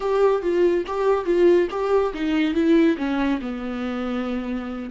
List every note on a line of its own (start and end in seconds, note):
0.00 0.41 G4
0.41 0.84 F4
0.86 1.25 G4
1.25 1.68 F4
1.70 2.13 G4
2.13 2.54 D#4
2.54 2.96 E4
2.97 3.40 C#4
3.41 4.90 B3